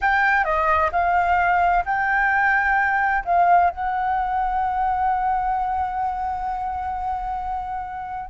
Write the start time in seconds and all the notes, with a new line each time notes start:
0.01 G5
0.44 D#5
0.91 F5
1.85 G5
3.25 F5
3.70 F#5